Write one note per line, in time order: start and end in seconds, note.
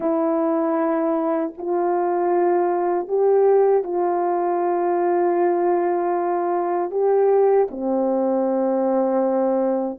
0.00 1.52 E4
1.57 3.08 F4
3.08 3.83 G4
3.83 6.90 F4
6.90 7.67 G4
7.70 9.98 C4